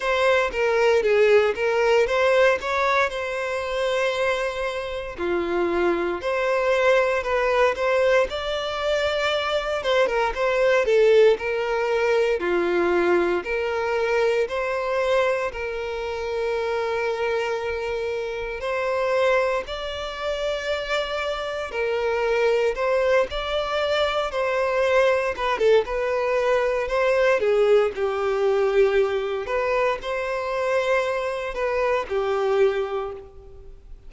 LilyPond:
\new Staff \with { instrumentName = "violin" } { \time 4/4 \tempo 4 = 58 c''8 ais'8 gis'8 ais'8 c''8 cis''8 c''4~ | c''4 f'4 c''4 b'8 c''8 | d''4. c''16 ais'16 c''8 a'8 ais'4 | f'4 ais'4 c''4 ais'4~ |
ais'2 c''4 d''4~ | d''4 ais'4 c''8 d''4 c''8~ | c''8 b'16 a'16 b'4 c''8 gis'8 g'4~ | g'8 b'8 c''4. b'8 g'4 | }